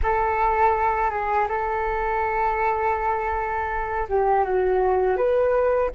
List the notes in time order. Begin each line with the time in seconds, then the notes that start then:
0.02 A4
1.10 G#4
1.48 A4
4.08 G4
4.44 F#4
5.16 B4